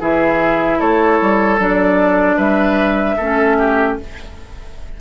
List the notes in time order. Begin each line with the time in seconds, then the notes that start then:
0.00 E3 E4 G#4 E5
0.79 A3 A4 C#5
1.21 G3
1.59 F#3 D4 D5
2.37 G3 B4 E5
3.17 A3 C#4 A4
3.59 G4